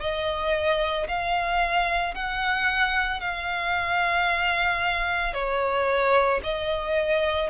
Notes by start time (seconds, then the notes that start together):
0.00 D#5
1.08 F5
2.14 F#5
3.20 F5
5.34 C#5
6.43 D#5